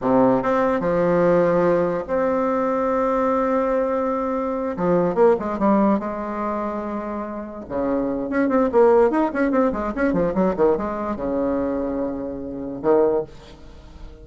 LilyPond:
\new Staff \with { instrumentName = "bassoon" } { \time 4/4 \tempo 4 = 145 c4 c'4 f2~ | f4 c'2.~ | c'2.~ c'8 f8~ | f8 ais8 gis8 g4 gis4.~ |
gis2~ gis8 cis4. | cis'8 c'8 ais4 dis'8 cis'8 c'8 gis8 | cis'8 f8 fis8 dis8 gis4 cis4~ | cis2. dis4 | }